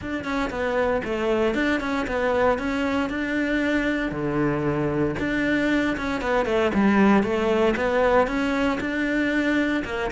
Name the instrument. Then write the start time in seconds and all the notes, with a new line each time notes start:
cello
0.01 D4
0.24 C#4
0.50 B3
1.04 A3
1.54 D4
1.80 C#4
2.07 B3
2.58 C#4
3.09 D4
4.11 D3
5.19 D4
5.97 C#4
6.21 B3
6.45 A3
6.74 G3
7.23 A3
7.76 B3
8.27 C#4
8.80 D4
9.85 A#3